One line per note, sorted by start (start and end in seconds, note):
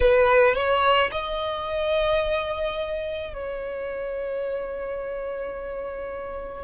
0.00 0.55 B4
0.55 1.10 C#5
1.11 3.33 D#5
3.33 6.64 C#5